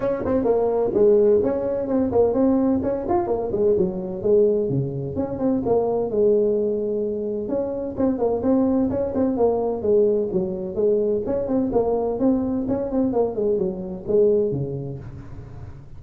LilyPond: \new Staff \with { instrumentName = "tuba" } { \time 4/4 \tempo 4 = 128 cis'8 c'8 ais4 gis4 cis'4 | c'8 ais8 c'4 cis'8 f'8 ais8 gis8 | fis4 gis4 cis4 cis'8 c'8 | ais4 gis2. |
cis'4 c'8 ais8 c'4 cis'8 c'8 | ais4 gis4 fis4 gis4 | cis'8 c'8 ais4 c'4 cis'8 c'8 | ais8 gis8 fis4 gis4 cis4 | }